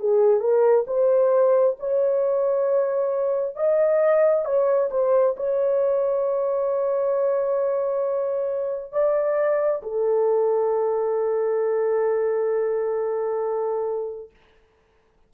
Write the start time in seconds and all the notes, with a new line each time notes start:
0.00 G#4
0.40 A#4
0.87 C5
1.80 C#5
3.56 D#5
4.45 C#5
4.91 C5
5.36 C#5
8.92 D5
9.83 A4